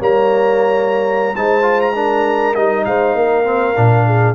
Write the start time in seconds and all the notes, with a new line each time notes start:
0.00 G3 A#3 C#5 A#5
1.36 G#3 D#4 C5 A5
1.62 F4
1.82 A#5
1.95 D4 A#4
2.55 G3 D#4 D#5
2.85 G#3 C5 F5
3.15 A#3 A#4
3.45 C4
3.77 A#2 D4
4.07 G#4